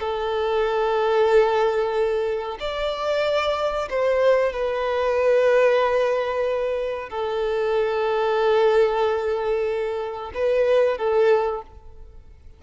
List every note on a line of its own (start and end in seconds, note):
0.00 2.58 A4
2.60 3.89 D5
3.90 4.53 C5
4.53 7.10 B4
7.10 10.32 A4
10.35 10.98 B4
10.98 11.62 A4